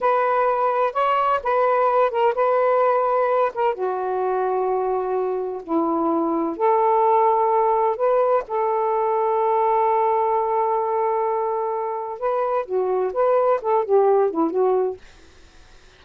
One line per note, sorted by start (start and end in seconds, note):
0.00 0.93 B4
0.93 1.40 C#5
1.43 2.10 B4
2.10 2.34 A#4
2.34 3.52 B4
3.54 3.74 A#4
3.74 5.62 F#4
5.63 6.56 E4
6.56 7.96 A4
7.96 8.43 B4
8.47 12.19 A4
12.19 12.65 B4
12.65 13.12 F#4
13.13 13.60 B4
13.61 13.84 A4
13.84 14.30 G4
14.30 14.50 E4
14.50 14.97 F#4